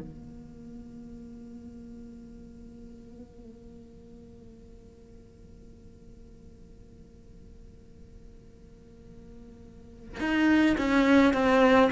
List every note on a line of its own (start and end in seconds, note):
0.00 10.19 A#3
10.19 10.76 D#4
10.78 11.34 C#4
11.34 11.90 C4